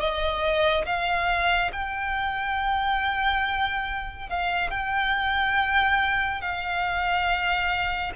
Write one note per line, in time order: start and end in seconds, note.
0.00 0.86 D#5
0.86 1.71 F5
1.73 4.30 G5
4.30 4.71 F5
4.71 6.41 G5
6.41 8.13 F5